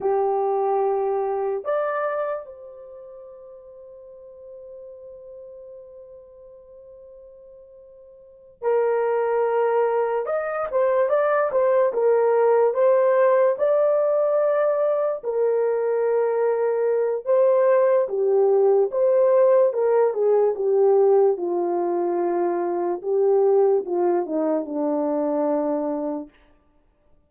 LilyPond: \new Staff \with { instrumentName = "horn" } { \time 4/4 \tempo 4 = 73 g'2 d''4 c''4~ | c''1~ | c''2~ c''8 ais'4.~ | ais'8 dis''8 c''8 d''8 c''8 ais'4 c''8~ |
c''8 d''2 ais'4.~ | ais'4 c''4 g'4 c''4 | ais'8 gis'8 g'4 f'2 | g'4 f'8 dis'8 d'2 | }